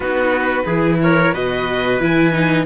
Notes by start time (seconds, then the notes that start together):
0.00 B3 D#4 F#4 B4
0.66 E3 E4 G#4
1.02 A#4 C#5
1.33 B2 F#4 B4 D#5
1.99 E3 E4 G#5
2.32 D#4